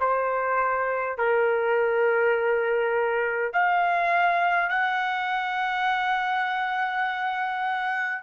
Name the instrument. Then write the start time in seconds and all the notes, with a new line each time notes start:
trumpet
0.00 C5
1.18 A#4
3.52 F5
4.70 F#5